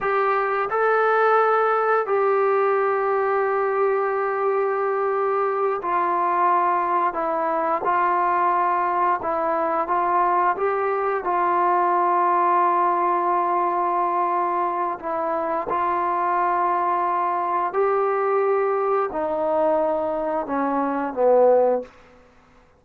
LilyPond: \new Staff \with { instrumentName = "trombone" } { \time 4/4 \tempo 4 = 88 g'4 a'2 g'4~ | g'1~ | g'8 f'2 e'4 f'8~ | f'4. e'4 f'4 g'8~ |
g'8 f'2.~ f'8~ | f'2 e'4 f'4~ | f'2 g'2 | dis'2 cis'4 b4 | }